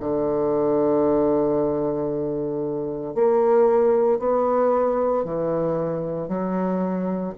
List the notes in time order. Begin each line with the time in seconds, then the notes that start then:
0.00 D3
3.15 A#3
4.20 B3
5.25 E3
6.28 F#3